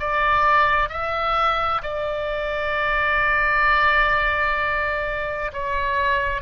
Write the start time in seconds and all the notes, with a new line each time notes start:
0.00 D5
0.90 E5
1.83 D5
5.53 C#5